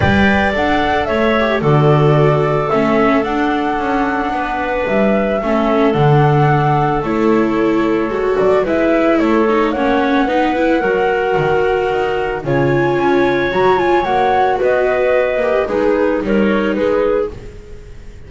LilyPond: <<
  \new Staff \with { instrumentName = "flute" } { \time 4/4 \tempo 4 = 111 g''4 fis''4 e''4 d''4~ | d''4 e''4 fis''2~ | fis''4 e''2 fis''4~ | fis''4 cis''2~ cis''8 d''8 |
e''4 cis''4 fis''2~ | fis''2. gis''4~ | gis''4 ais''8 gis''8 fis''4 dis''4~ | dis''4 b'4 cis''4 b'4 | }
  \new Staff \with { instrumentName = "clarinet" } { \time 4/4 d''2 cis''4 a'4~ | a'1 | b'2 a'2~ | a'1 |
b'4 a'4 cis''4 b'4 | ais'2. cis''4~ | cis''2. b'4~ | b'4 dis'4 ais'4 gis'4 | }
  \new Staff \with { instrumentName = "viola" } { \time 4/4 b'4 a'4. g'8 fis'4~ | fis'4 cis'4 d'2~ | d'2 cis'4 d'4~ | d'4 e'2 fis'4 |
e'4. dis'8 cis'4 dis'8 e'8 | fis'2. f'4~ | f'4 fis'8 f'8 fis'2~ | fis'8 g'8 gis'4 dis'2 | }
  \new Staff \with { instrumentName = "double bass" } { \time 4/4 g4 d'4 a4 d4~ | d4 a4 d'4 cis'4 | b4 g4 a4 d4~ | d4 a2 gis8 fis8 |
gis4 a4 ais4 b4 | fis4 dis4 dis'4 cis4 | cis'4 fis4 ais4 b4~ | b8 ais8 gis4 g4 gis4 | }
>>